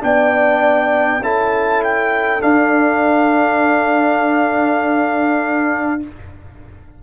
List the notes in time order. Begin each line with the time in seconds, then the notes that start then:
0.00 B3 D4 D5 G5
1.20 C#4 E4 A4 A5
1.83 G5
2.40 D4 F5